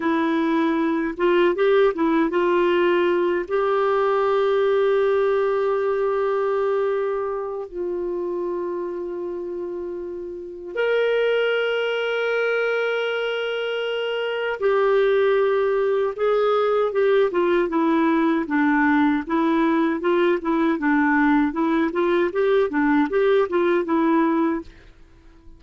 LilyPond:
\new Staff \with { instrumentName = "clarinet" } { \time 4/4 \tempo 4 = 78 e'4. f'8 g'8 e'8 f'4~ | f'8 g'2.~ g'8~ | g'2 f'2~ | f'2 ais'2~ |
ais'2. g'4~ | g'4 gis'4 g'8 f'8 e'4 | d'4 e'4 f'8 e'8 d'4 | e'8 f'8 g'8 d'8 g'8 f'8 e'4 | }